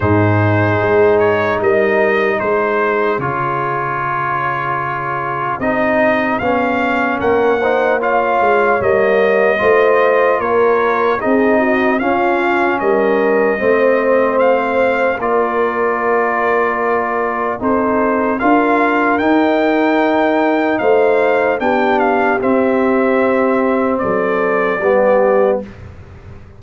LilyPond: <<
  \new Staff \with { instrumentName = "trumpet" } { \time 4/4 \tempo 4 = 75 c''4. cis''8 dis''4 c''4 | cis''2. dis''4 | f''4 fis''4 f''4 dis''4~ | dis''4 cis''4 dis''4 f''4 |
dis''2 f''4 d''4~ | d''2 c''4 f''4 | g''2 f''4 g''8 f''8 | e''2 d''2 | }
  \new Staff \with { instrumentName = "horn" } { \time 4/4 gis'2 ais'4 gis'4~ | gis'1~ | gis'4 ais'8 c''8 cis''2 | c''4 ais'4 gis'8 fis'8 f'4 |
ais'4 c''2 ais'4~ | ais'2 a'4 ais'4~ | ais'2 c''4 g'4~ | g'2 a'4 g'4 | }
  \new Staff \with { instrumentName = "trombone" } { \time 4/4 dis'1 | f'2. dis'4 | cis'4. dis'8 f'4 ais4 | f'2 dis'4 cis'4~ |
cis'4 c'2 f'4~ | f'2 dis'4 f'4 | dis'2. d'4 | c'2. b4 | }
  \new Staff \with { instrumentName = "tuba" } { \time 4/4 gis,4 gis4 g4 gis4 | cis2. c'4 | b4 ais4. gis8 g4 | a4 ais4 c'4 cis'4 |
g4 a2 ais4~ | ais2 c'4 d'4 | dis'2 a4 b4 | c'2 fis4 g4 | }
>>